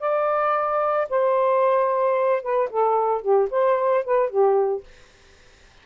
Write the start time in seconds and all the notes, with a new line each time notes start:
0.00 D5
1.10 C5
2.43 B4
2.71 A4
3.22 G4
3.51 C5
4.05 B4
4.30 G4